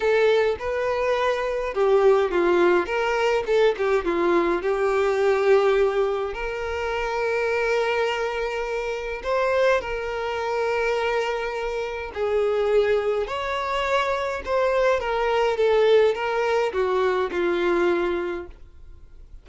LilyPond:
\new Staff \with { instrumentName = "violin" } { \time 4/4 \tempo 4 = 104 a'4 b'2 g'4 | f'4 ais'4 a'8 g'8 f'4 | g'2. ais'4~ | ais'1 |
c''4 ais'2.~ | ais'4 gis'2 cis''4~ | cis''4 c''4 ais'4 a'4 | ais'4 fis'4 f'2 | }